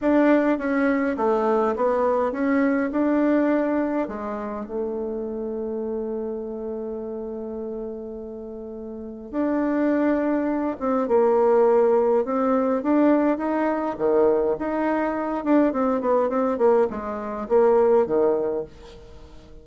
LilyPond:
\new Staff \with { instrumentName = "bassoon" } { \time 4/4 \tempo 4 = 103 d'4 cis'4 a4 b4 | cis'4 d'2 gis4 | a1~ | a1 |
d'2~ d'8 c'8 ais4~ | ais4 c'4 d'4 dis'4 | dis4 dis'4. d'8 c'8 b8 | c'8 ais8 gis4 ais4 dis4 | }